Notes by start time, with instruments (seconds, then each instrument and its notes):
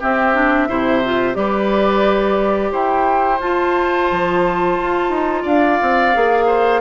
0.00 clarinet C4, bassoon C4, oboe G4, flute E5
0.34 clarinet D4
0.68 bassoon C3, clarinet E4, oboe C5
1.05 clarinet F4
1.34 bassoon G3, clarinet G4, oboe B4, flute D5
2.71 bassoon E4, oboe C5, flute G5
3.40 bassoon F4, clarinet F4, flute A5
4.11 bassoon F3
4.78 bassoon F4
5.10 bassoon D#4
5.42 bassoon D4, oboe D5, flute F5
5.82 bassoon C4
6.13 bassoon A#3, clarinet G#4
6.47 oboe C5